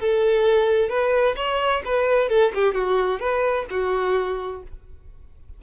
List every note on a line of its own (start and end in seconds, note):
0.00 0.89 A4
0.89 1.36 B4
1.37 1.83 C#5
1.85 2.29 B4
2.29 2.52 A4
2.55 2.74 G4
2.74 3.20 F#4
3.20 3.66 B4
3.70 4.63 F#4